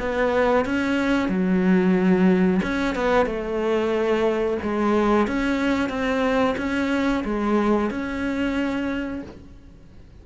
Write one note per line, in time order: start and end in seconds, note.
0.00 0.66 B3
0.66 1.29 C#4
1.29 2.61 F#3
2.63 2.96 C#4
2.96 3.26 B3
3.26 4.58 A3
4.63 5.28 G#3
5.28 5.90 C#4
5.90 6.56 C4
6.58 7.24 C#4
7.25 7.91 G#3
7.91 9.23 C#4